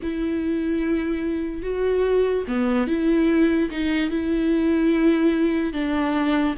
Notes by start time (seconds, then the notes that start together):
0.02 E4
1.62 F#4
2.47 B3
2.87 E4
3.70 D#4
4.10 E4
5.73 D4